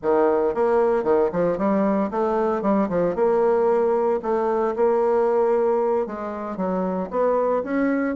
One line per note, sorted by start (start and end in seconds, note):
0.02 0.54 D#3
0.54 1.03 A#3
1.03 1.29 D#3
1.32 1.57 F3
1.57 2.10 G3
2.10 2.62 A3
2.62 2.88 G3
2.89 3.15 F3
3.15 4.20 A#3
4.22 4.74 A3
4.76 6.06 A#3
6.06 6.56 G#3
6.56 7.09 F#3
7.10 7.63 B3
7.63 8.15 C#4